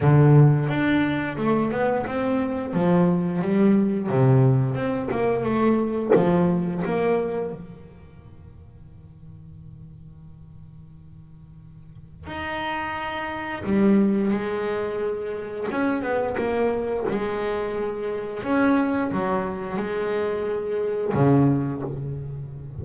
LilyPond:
\new Staff \with { instrumentName = "double bass" } { \time 4/4 \tempo 4 = 88 d4 d'4 a8 b8 c'4 | f4 g4 c4 c'8 ais8 | a4 f4 ais4 dis4~ | dis1~ |
dis2 dis'2 | g4 gis2 cis'8 b8 | ais4 gis2 cis'4 | fis4 gis2 cis4 | }